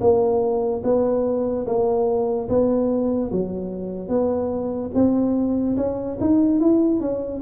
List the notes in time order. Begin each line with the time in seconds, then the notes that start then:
0.00 A#3
0.83 B3
1.66 A#3
2.48 B3
3.31 F#3
4.08 B3
4.94 C4
5.76 C#4
6.20 D#4
6.60 E4
7.00 C#4